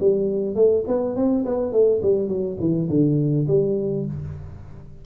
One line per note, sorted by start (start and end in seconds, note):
0.00 0.56 G3
0.56 0.84 A3
0.87 1.16 B3
1.16 1.45 C4
1.45 1.72 B3
1.72 2.01 A3
2.02 2.28 G3
2.28 2.57 F#3
2.60 2.89 E3
2.89 3.47 D3
3.47 4.05 G3